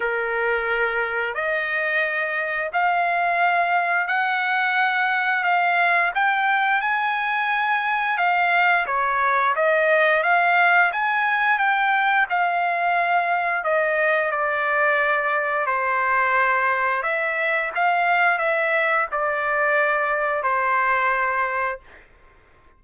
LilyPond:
\new Staff \with { instrumentName = "trumpet" } { \time 4/4 \tempo 4 = 88 ais'2 dis''2 | f''2 fis''2 | f''4 g''4 gis''2 | f''4 cis''4 dis''4 f''4 |
gis''4 g''4 f''2 | dis''4 d''2 c''4~ | c''4 e''4 f''4 e''4 | d''2 c''2 | }